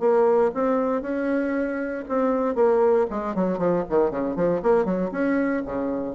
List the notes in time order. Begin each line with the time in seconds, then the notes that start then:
0.00 A#3
0.54 C4
1.02 C#4
2.09 C4
2.55 A#3
3.10 G#3
3.35 F#3
3.58 F3
3.90 D#3
4.11 C#3
4.36 F3
4.63 A#3
4.85 F#3
5.12 C#4
5.65 C#3